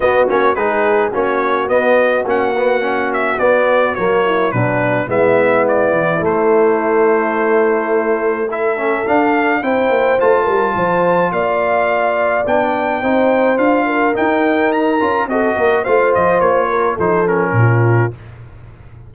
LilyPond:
<<
  \new Staff \with { instrumentName = "trumpet" } { \time 4/4 \tempo 4 = 106 dis''8 cis''8 b'4 cis''4 dis''4 | fis''4. e''8 d''4 cis''4 | b'4 e''4 d''4 c''4~ | c''2. e''4 |
f''4 g''4 a''2 | f''2 g''2 | f''4 g''4 ais''4 dis''4 | f''8 dis''8 cis''4 c''8 ais'4. | }
  \new Staff \with { instrumentName = "horn" } { \time 4/4 fis'4 gis'4 fis'2~ | fis'2.~ fis'8 e'8 | d'4 e'2.~ | e'2. a'4~ |
a'4 c''4. ais'8 c''4 | d''2. c''4~ | c''8 ais'2~ ais'8 a'8 ais'8 | c''4. ais'8 a'4 f'4 | }
  \new Staff \with { instrumentName = "trombone" } { \time 4/4 b8 cis'8 dis'4 cis'4 b4 | cis'8 b8 cis'4 b4 ais4 | fis4 b2 a4~ | a2. e'8 cis'8 |
d'4 e'4 f'2~ | f'2 d'4 dis'4 | f'4 dis'4. f'8 fis'4 | f'2 dis'8 cis'4. | }
  \new Staff \with { instrumentName = "tuba" } { \time 4/4 b8 ais8 gis4 ais4 b4 | ais2 b4 fis4 | b,4 gis4. e8 a4~ | a1 |
d'4 c'8 ais8 a8 g8 f4 | ais2 b4 c'4 | d'4 dis'4. cis'8 c'8 ais8 | a8 f8 ais4 f4 ais,4 | }
>>